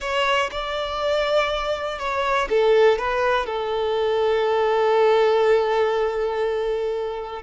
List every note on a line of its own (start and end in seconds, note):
0.00 0.50 C#5
0.51 1.98 D5
1.98 2.48 C#5
2.49 2.98 A4
2.98 3.46 B4
3.46 7.42 A4